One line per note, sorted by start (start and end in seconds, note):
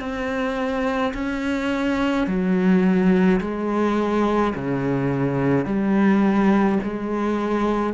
0.00 1.13 C4
1.14 2.27 C#4
2.27 3.40 F#3
3.41 4.54 G#3
4.55 5.66 C#3
5.66 6.79 G3
6.83 7.93 G#3